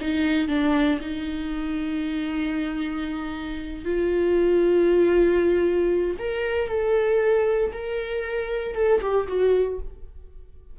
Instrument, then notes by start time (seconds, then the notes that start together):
viola
0.00 D#4
0.48 D4
1.00 D#4
3.84 F4
6.19 A#4
6.68 A4
7.72 A#4
8.75 A4
9.01 G4
9.27 F#4